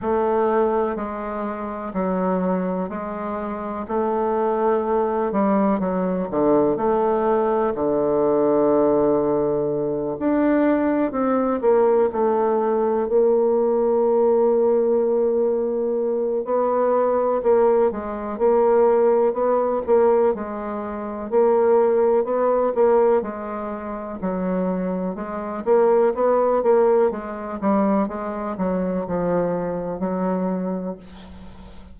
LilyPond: \new Staff \with { instrumentName = "bassoon" } { \time 4/4 \tempo 4 = 62 a4 gis4 fis4 gis4 | a4. g8 fis8 d8 a4 | d2~ d8 d'4 c'8 | ais8 a4 ais2~ ais8~ |
ais4 b4 ais8 gis8 ais4 | b8 ais8 gis4 ais4 b8 ais8 | gis4 fis4 gis8 ais8 b8 ais8 | gis8 g8 gis8 fis8 f4 fis4 | }